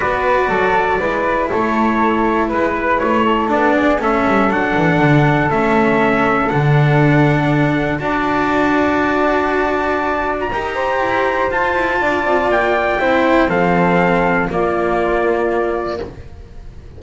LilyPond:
<<
  \new Staff \with { instrumentName = "trumpet" } { \time 4/4 \tempo 4 = 120 d''2. cis''4~ | cis''4 b'4 cis''4 d''4 | e''4 fis''2 e''4~ | e''4 fis''2. |
a''1~ | a''8. ais''2~ ais''16 a''4~ | a''4 g''2 f''4~ | f''4 d''2. | }
  \new Staff \with { instrumentName = "flute" } { \time 4/4 b'4 a'4 b'4 a'4~ | a'4 b'4. a'4 gis'8 | a'1~ | a'1 |
d''1~ | d''4 ais'8 c''2~ c''8 | d''2 c''4 a'4~ | a'4 f'2. | }
  \new Staff \with { instrumentName = "cello" } { \time 4/4 fis'2 e'2~ | e'2. d'4 | cis'4 d'2 cis'4~ | cis'4 d'2. |
fis'1~ | fis'4 g'2 f'4~ | f'2 e'4 c'4~ | c'4 ais2. | }
  \new Staff \with { instrumentName = "double bass" } { \time 4/4 b4 fis4 gis4 a4~ | a4 gis4 a4 b4 | a8 g8 fis8 e8 d4 a4~ | a4 d2. |
d'1~ | d'4 dis'4 e'4 f'8 e'8 | d'8 c'8 ais4 c'4 f4~ | f4 ais2. | }
>>